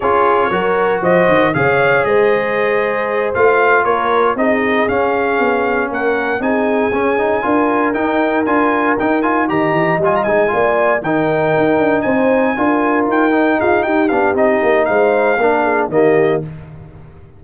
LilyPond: <<
  \new Staff \with { instrumentName = "trumpet" } { \time 4/4 \tempo 4 = 117 cis''2 dis''4 f''4 | dis''2~ dis''8 f''4 cis''8~ | cis''8 dis''4 f''2 fis''8~ | fis''8 gis''2. g''8~ |
g''8 gis''4 g''8 gis''8 ais''4 gis''16 ais''16 | gis''4. g''2 gis''8~ | gis''4. g''4 f''8 g''8 f''8 | dis''4 f''2 dis''4 | }
  \new Staff \with { instrumentName = "horn" } { \time 4/4 gis'4 ais'4 c''4 cis''4 | c''2.~ c''8 ais'8~ | ais'8 gis'2. ais'8~ | ais'8 gis'2 ais'4.~ |
ais'2~ ais'8 dis''4.~ | dis''8 d''4 ais'2 c''8~ | c''8 ais'2 gis'8 g'4~ | g'4 c''4 ais'8 gis'8 g'4 | }
  \new Staff \with { instrumentName = "trombone" } { \time 4/4 f'4 fis'2 gis'4~ | gis'2~ gis'8 f'4.~ | f'8 dis'4 cis'2~ cis'8~ | cis'8 dis'4 cis'8 dis'8 f'4 dis'8~ |
dis'8 f'4 dis'8 f'8 g'4 f'8 | dis'8 f'4 dis'2~ dis'8~ | dis'8 f'4. dis'4. d'8 | dis'2 d'4 ais4 | }
  \new Staff \with { instrumentName = "tuba" } { \time 4/4 cis'4 fis4 f8 dis8 cis4 | gis2~ gis8 a4 ais8~ | ais8 c'4 cis'4 b4 ais8~ | ais8 c'4 cis'4 d'4 dis'8~ |
dis'8 d'4 dis'4 dis8 e8 g8 | gis8 ais4 dis4 dis'8 d'8 c'8~ | c'8 d'4 dis'4 f'8 dis'8 b8 | c'8 ais8 gis4 ais4 dis4 | }
>>